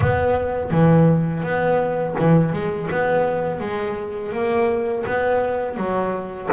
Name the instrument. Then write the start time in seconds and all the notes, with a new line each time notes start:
double bass
0.00 B3
0.70 E3
1.43 B3
2.19 E3
2.52 G#3
2.90 B3
3.59 G#3
4.32 A#3
5.06 B3
5.76 F#3